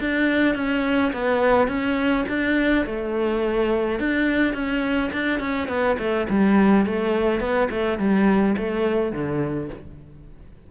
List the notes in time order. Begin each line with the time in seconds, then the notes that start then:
0.00 D4
0.55 C#4
1.13 B3
1.68 C#4
2.28 D4
2.86 A3
3.99 D4
4.54 C#4
5.12 D4
5.40 C#4
5.68 B3
5.98 A3
6.29 G3
6.86 A3
7.40 B3
7.70 A3
7.99 G3
8.57 A3
9.12 D3